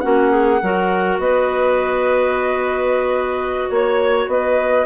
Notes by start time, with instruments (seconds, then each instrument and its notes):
0.00 bassoon A#3, clarinet C#4 F#4, flute F#5
0.30 clarinet G#4
0.62 bassoon F#3, clarinet F#4 A#4
1.19 bassoon B3, clarinet B4, flute D#5
3.70 bassoon A#3, flute C#5, clarinet C#5
4.27 bassoon B3, clarinet B4, flute D#5